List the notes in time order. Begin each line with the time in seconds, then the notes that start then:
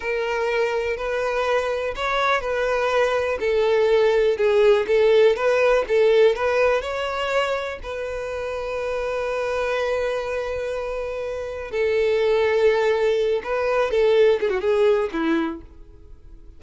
0.00 A#4
0.96 B4
1.95 C#5
2.41 B4
3.40 A4
4.37 G#4
4.87 A4
5.35 B4
5.88 A4
6.35 B4
6.81 C#5
7.82 B4
11.71 A4
13.43 B4
13.90 A4
14.40 G#4
14.49 F#4
14.60 G#4
15.12 E4